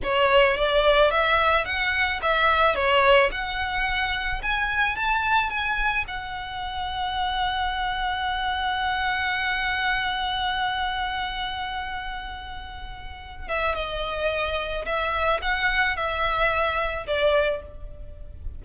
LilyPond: \new Staff \with { instrumentName = "violin" } { \time 4/4 \tempo 4 = 109 cis''4 d''4 e''4 fis''4 | e''4 cis''4 fis''2 | gis''4 a''4 gis''4 fis''4~ | fis''1~ |
fis''1~ | fis''1~ | fis''8 e''8 dis''2 e''4 | fis''4 e''2 d''4 | }